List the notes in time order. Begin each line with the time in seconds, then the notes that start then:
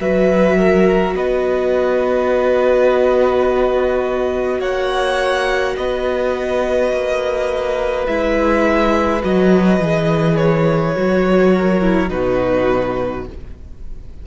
0.00 F#3 F#4 B4 E5
0.57 A#4
1.14 B3 B4 D#5
4.60 A#3 C#5 F#5
5.76 B3 B4 D#5
6.92 A#3
8.06 G#3 E4 E5
9.21 F#3 F#4 D#5
9.80 E3 G#4
10.36 C#5
10.95 F#3 F#4
11.53 A#4
11.81 E4
12.09 B2 D#4 F#4 B4